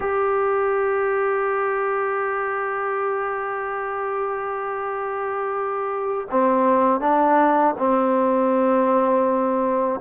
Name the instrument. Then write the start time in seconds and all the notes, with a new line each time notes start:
trombone
0.00 G4
6.31 C4
7.00 D4
7.78 C4